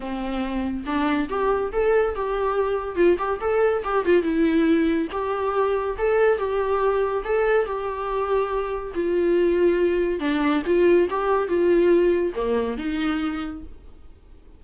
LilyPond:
\new Staff \with { instrumentName = "viola" } { \time 4/4 \tempo 4 = 141 c'2 d'4 g'4 | a'4 g'2 f'8 g'8 | a'4 g'8 f'8 e'2 | g'2 a'4 g'4~ |
g'4 a'4 g'2~ | g'4 f'2. | d'4 f'4 g'4 f'4~ | f'4 ais4 dis'2 | }